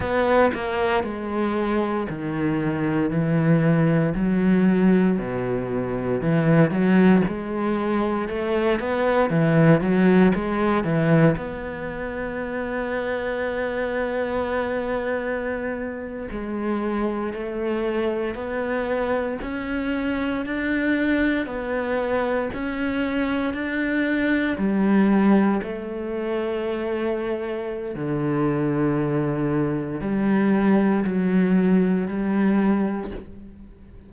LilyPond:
\new Staff \with { instrumentName = "cello" } { \time 4/4 \tempo 4 = 58 b8 ais8 gis4 dis4 e4 | fis4 b,4 e8 fis8 gis4 | a8 b8 e8 fis8 gis8 e8 b4~ | b2.~ b8. gis16~ |
gis8. a4 b4 cis'4 d'16~ | d'8. b4 cis'4 d'4 g16~ | g8. a2~ a16 d4~ | d4 g4 fis4 g4 | }